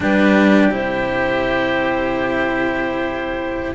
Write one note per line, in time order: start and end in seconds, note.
0.00 0.69 G3
0.00 0.71 D4
0.00 3.75 G4
0.00 0.72 B4
0.69 3.72 C3
0.69 3.75 E4
0.69 3.75 C5